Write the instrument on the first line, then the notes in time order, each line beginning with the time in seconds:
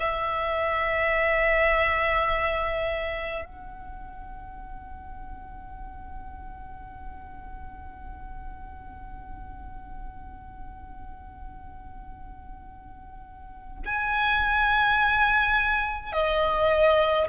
violin
0.00 E5
3.45 F#5
13.86 G#5
16.13 D#5